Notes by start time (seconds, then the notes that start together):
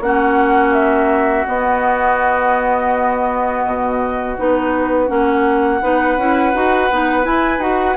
0.00 A#3 C#4 F#4 F#5
0.73 E5
1.47 B3 D#5
3.66 B2
4.38 B3 D#4 B4
5.08 A#3 C#4 F#5
5.82 B3 D#4 B4
6.18 C#4 E4
6.54 D#4 F#4
6.91 B3 D#4
7.23 E4 G#5
7.58 D#4 F#4 F#5